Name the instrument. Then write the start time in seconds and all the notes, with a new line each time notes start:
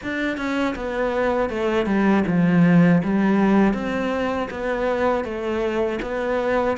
cello
0.03 D4
0.37 C#4
0.75 B3
1.49 A3
1.86 G3
2.26 F3
3.03 G3
3.73 C4
4.50 B3
5.24 A3
6.02 B3